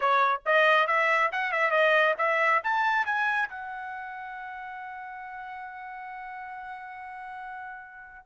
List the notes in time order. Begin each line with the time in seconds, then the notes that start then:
0.00 C#5
0.45 D#5
0.87 E5
1.31 F#5
1.51 E5
1.71 D#5
2.18 E5
2.63 A5
3.05 G#5
3.49 F#5